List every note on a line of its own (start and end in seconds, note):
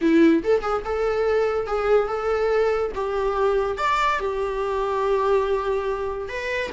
0.01 0.43 E4
0.43 0.61 A4
0.61 0.82 G#4
0.84 1.66 A4
1.66 2.08 G#4
2.08 2.92 A4
2.94 3.77 G4
3.77 4.19 D5
4.19 6.28 G4
6.28 6.70 B4